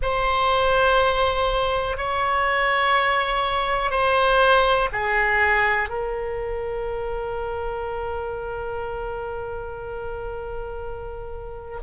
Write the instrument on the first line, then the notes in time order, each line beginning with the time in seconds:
oboe
0.01 C5
1.97 C#5
3.90 C5
4.92 G#4
5.89 A#4